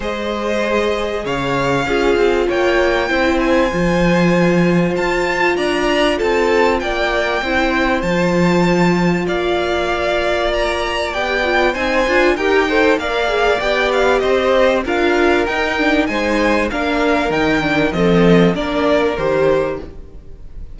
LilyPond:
<<
  \new Staff \with { instrumentName = "violin" } { \time 4/4 \tempo 4 = 97 dis''2 f''2 | g''4. gis''2~ gis''8 | a''4 ais''4 a''4 g''4~ | g''4 a''2 f''4~ |
f''4 ais''4 g''4 gis''4 | g''4 f''4 g''8 f''8 dis''4 | f''4 g''4 gis''4 f''4 | g''4 dis''4 d''4 c''4 | }
  \new Staff \with { instrumentName = "violin" } { \time 4/4 c''2 cis''4 gis'4 | cis''4 c''2.~ | c''4 d''4 a'4 d''4 | c''2. d''4~ |
d''2. c''4 | ais'8 c''8 d''2 c''4 | ais'2 c''4 ais'4~ | ais'4 a'4 ais'2 | }
  \new Staff \with { instrumentName = "viola" } { \time 4/4 gis'2. f'4~ | f'4 e'4 f'2~ | f'1 | e'4 f'2.~ |
f'2 g'8 f'8 dis'8 f'8 | g'8 a'8 ais'8 gis'8 g'2 | f'4 dis'8 d'8 dis'4 d'4 | dis'8 d'8 c'4 d'4 g'4 | }
  \new Staff \with { instrumentName = "cello" } { \time 4/4 gis2 cis4 cis'8 c'8 | ais4 c'4 f2 | f'4 d'4 c'4 ais4 | c'4 f2 ais4~ |
ais2 b4 c'8 d'8 | dis'4 ais4 b4 c'4 | d'4 dis'4 gis4 ais4 | dis4 f4 ais4 dis4 | }
>>